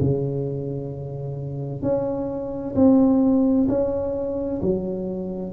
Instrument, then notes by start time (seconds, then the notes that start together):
tuba
0.00 C#3
1.82 C#4
2.75 C4
3.68 C#4
4.62 F#3